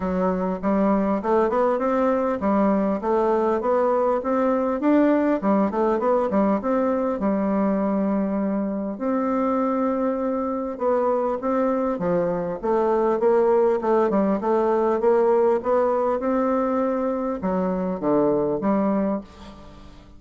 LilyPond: \new Staff \with { instrumentName = "bassoon" } { \time 4/4 \tempo 4 = 100 fis4 g4 a8 b8 c'4 | g4 a4 b4 c'4 | d'4 g8 a8 b8 g8 c'4 | g2. c'4~ |
c'2 b4 c'4 | f4 a4 ais4 a8 g8 | a4 ais4 b4 c'4~ | c'4 fis4 d4 g4 | }